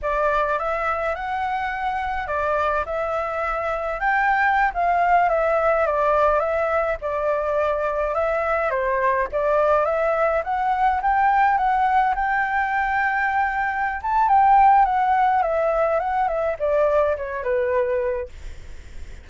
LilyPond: \new Staff \with { instrumentName = "flute" } { \time 4/4 \tempo 4 = 105 d''4 e''4 fis''2 | d''4 e''2 g''4~ | g''16 f''4 e''4 d''4 e''8.~ | e''16 d''2 e''4 c''8.~ |
c''16 d''4 e''4 fis''4 g''8.~ | g''16 fis''4 g''2~ g''8.~ | g''8 a''8 g''4 fis''4 e''4 | fis''8 e''8 d''4 cis''8 b'4. | }